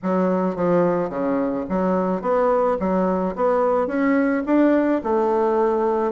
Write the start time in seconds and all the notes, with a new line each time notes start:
0.03 F#3
0.55 F3
1.09 C#3
1.69 F#3
2.21 B3
2.79 F#3
3.35 B3
3.87 C#4
4.46 D4
5.03 A3